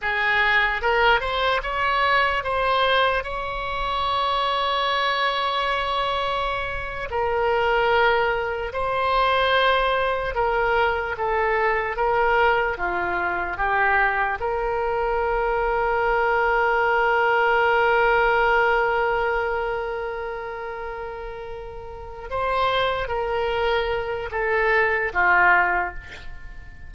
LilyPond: \new Staff \with { instrumentName = "oboe" } { \time 4/4 \tempo 4 = 74 gis'4 ais'8 c''8 cis''4 c''4 | cis''1~ | cis''8. ais'2 c''4~ c''16~ | c''8. ais'4 a'4 ais'4 f'16~ |
f'8. g'4 ais'2~ ais'16~ | ais'1~ | ais'2.~ ais'8 c''8~ | c''8 ais'4. a'4 f'4 | }